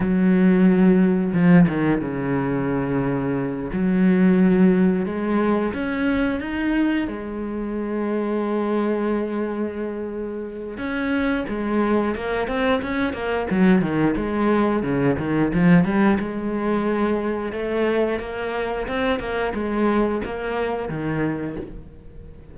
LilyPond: \new Staff \with { instrumentName = "cello" } { \time 4/4 \tempo 4 = 89 fis2 f8 dis8 cis4~ | cis4. fis2 gis8~ | gis8 cis'4 dis'4 gis4.~ | gis1 |
cis'4 gis4 ais8 c'8 cis'8 ais8 | fis8 dis8 gis4 cis8 dis8 f8 g8 | gis2 a4 ais4 | c'8 ais8 gis4 ais4 dis4 | }